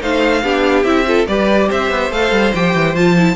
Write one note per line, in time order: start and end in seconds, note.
0.00 0.43 A3
0.00 0.42 D#4
0.00 0.43 C5
0.00 0.84 F5
0.43 0.84 B3
0.43 0.85 D4
0.43 1.06 G4
0.84 1.26 C4
0.84 1.06 E4
0.84 1.26 E5
1.06 1.27 F4
1.06 1.28 A4
1.27 1.70 G3
1.27 2.12 G4
1.27 1.68 B4
1.27 1.69 D5
1.68 1.90 C4
1.68 3.36 C5
1.68 2.12 E5
1.90 2.10 B3
2.10 2.31 A3
2.10 2.53 A4
2.10 2.54 F5
2.31 2.52 G3
2.54 2.74 F3
2.54 2.96 G4
2.54 2.95 G5
2.74 2.94 E3
2.94 3.36 F3
2.94 3.17 F4
2.94 3.36 A5
3.17 3.36 E4